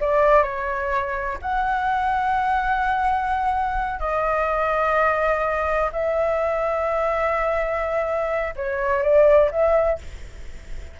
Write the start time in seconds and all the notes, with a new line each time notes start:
0.00 D5
0.43 C#5
1.41 F#5
3.99 D#5
5.92 E5
8.56 C#5
9.02 D5
9.51 E5